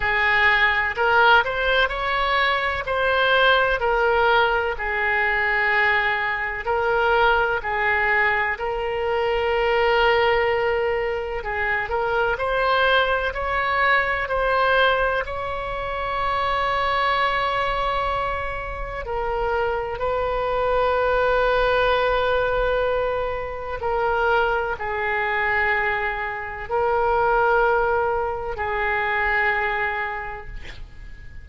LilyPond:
\new Staff \with { instrumentName = "oboe" } { \time 4/4 \tempo 4 = 63 gis'4 ais'8 c''8 cis''4 c''4 | ais'4 gis'2 ais'4 | gis'4 ais'2. | gis'8 ais'8 c''4 cis''4 c''4 |
cis''1 | ais'4 b'2.~ | b'4 ais'4 gis'2 | ais'2 gis'2 | }